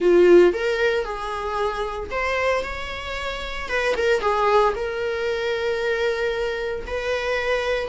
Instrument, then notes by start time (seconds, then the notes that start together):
viola
0.00 F4
0.53 A#4
1.04 G#4
2.11 C5
2.63 C#5
3.68 B4
3.96 A#4
4.21 G#4
4.75 A#4
6.86 B4